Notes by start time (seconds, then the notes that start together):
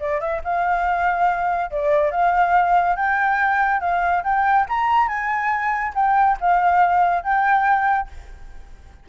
0.00 D5
0.21 E5
0.44 F5
1.71 D5
2.11 F5
2.96 G5
3.81 F5
4.24 G5
4.69 A#5
5.08 G#5
5.95 G5
6.41 F5
7.23 G5